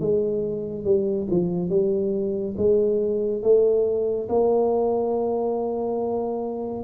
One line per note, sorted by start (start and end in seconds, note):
0.00 0.84 G#3
0.84 1.27 G3
1.31 1.69 F3
1.69 2.55 G3
2.57 3.42 G#3
3.42 4.28 A3
4.29 6.84 A#3